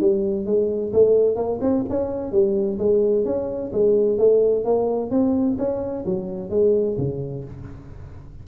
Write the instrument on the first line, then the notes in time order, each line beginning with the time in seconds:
tuba
0.00 G3
0.46 G#3
0.93 A3
1.36 A#3
1.61 C4
1.89 C#4
2.32 G3
2.78 G#3
3.25 C#4
3.72 G#3
4.18 A3
4.64 A#3
5.10 C4
5.58 C#4
6.05 F#3
6.50 G#3
6.98 C#3